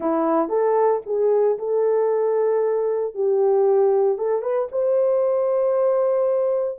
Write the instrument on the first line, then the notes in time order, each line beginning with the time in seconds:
horn
0.00 E4
0.49 A4
1.06 G#4
1.58 A4
3.14 G4
4.17 A4
4.42 B4
4.71 C5